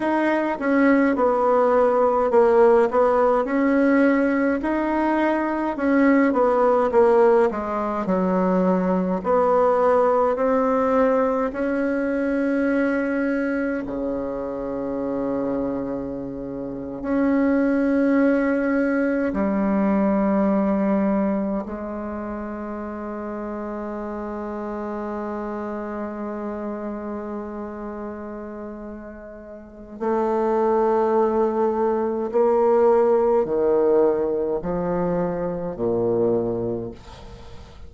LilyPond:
\new Staff \with { instrumentName = "bassoon" } { \time 4/4 \tempo 4 = 52 dis'8 cis'8 b4 ais8 b8 cis'4 | dis'4 cis'8 b8 ais8 gis8 fis4 | b4 c'4 cis'2 | cis2~ cis8. cis'4~ cis'16~ |
cis'8. g2 gis4~ gis16~ | gis1~ | gis2 a2 | ais4 dis4 f4 ais,4 | }